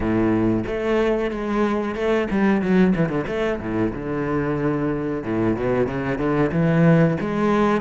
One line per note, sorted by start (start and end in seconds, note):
0.00 0.63 A2
0.66 1.30 A3
1.30 1.95 G#3
1.95 2.27 A3
2.30 2.61 G3
2.61 2.93 F#3
2.95 3.09 E3
3.09 3.25 D3
3.27 3.60 A3
3.60 3.92 A2
3.93 5.23 D3
5.24 5.56 A2
5.56 5.87 B2
5.87 6.18 C#3
6.18 6.50 D3
6.52 7.17 E3
7.20 7.81 G#3